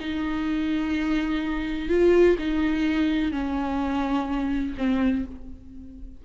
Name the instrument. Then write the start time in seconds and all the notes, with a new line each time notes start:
viola
0.00 D#4
1.89 F4
2.38 D#4
3.31 C#4
4.77 C4